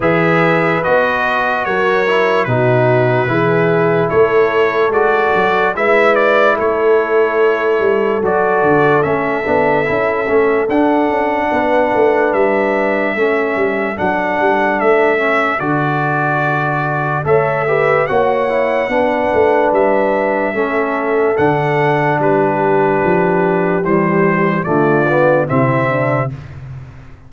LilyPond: <<
  \new Staff \with { instrumentName = "trumpet" } { \time 4/4 \tempo 4 = 73 e''4 dis''4 cis''4 b'4~ | b'4 cis''4 d''4 e''8 d''8 | cis''2 d''4 e''4~ | e''4 fis''2 e''4~ |
e''4 fis''4 e''4 d''4~ | d''4 e''4 fis''2 | e''2 fis''4 b'4~ | b'4 c''4 d''4 e''4 | }
  \new Staff \with { instrumentName = "horn" } { \time 4/4 b'2 ais'4 fis'4 | gis'4 a'2 b'4 | a'1~ | a'2 b'2 |
a'1~ | a'4 cis''8 b'8 cis''4 b'4~ | b'4 a'2 g'4~ | g'2 f'4 e'8 d'8 | }
  \new Staff \with { instrumentName = "trombone" } { \time 4/4 gis'4 fis'4. e'8 dis'4 | e'2 fis'4 e'4~ | e'2 fis'4 cis'8 d'8 | e'8 cis'8 d'2. |
cis'4 d'4. cis'8 fis'4~ | fis'4 a'8 g'8 fis'8 e'8 d'4~ | d'4 cis'4 d'2~ | d'4 g4 a8 b8 c'4 | }
  \new Staff \with { instrumentName = "tuba" } { \time 4/4 e4 b4 fis4 b,4 | e4 a4 gis8 fis8 gis4 | a4. g8 fis8 d8 a8 b8 | cis'8 a8 d'8 cis'8 b8 a8 g4 |
a8 g8 fis8 g8 a4 d4~ | d4 a4 ais4 b8 a8 | g4 a4 d4 g4 | f4 e4 d4 c4 | }
>>